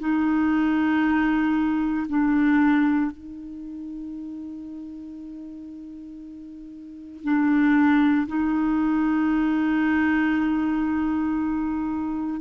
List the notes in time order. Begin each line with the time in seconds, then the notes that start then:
0.00 D#4
2.09 D4
3.11 D#4
7.24 D4
8.28 D#4